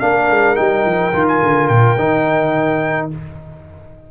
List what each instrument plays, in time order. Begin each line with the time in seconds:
0.00 tuba A#3, trombone D4, horn A#4, trumpet F5
0.30 tuba G#3
0.56 tuba G3, trombone D#4, trumpet G5
0.85 tuba F3
1.13 tuba D#3, trombone F4
1.28 trumpet G#5
1.43 tuba D3
1.68 tuba A#2, trumpet G5
1.99 tuba D#3, trombone D#4